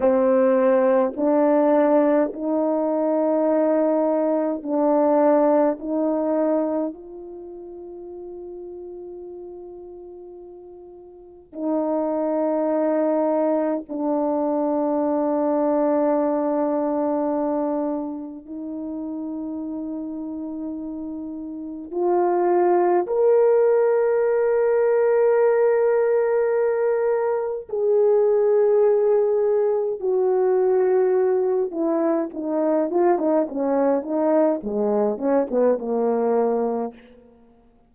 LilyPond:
\new Staff \with { instrumentName = "horn" } { \time 4/4 \tempo 4 = 52 c'4 d'4 dis'2 | d'4 dis'4 f'2~ | f'2 dis'2 | d'1 |
dis'2. f'4 | ais'1 | gis'2 fis'4. e'8 | dis'8 f'16 dis'16 cis'8 dis'8 gis8 cis'16 b16 ais4 | }